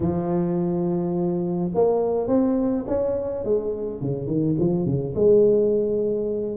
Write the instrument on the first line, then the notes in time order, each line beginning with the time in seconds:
tuba
0.00 F3
1.74 A#3
2.27 C4
2.87 C#4
3.44 G#3
4.01 C#3
4.26 D#3
4.59 F3
4.85 C#3
5.15 G#3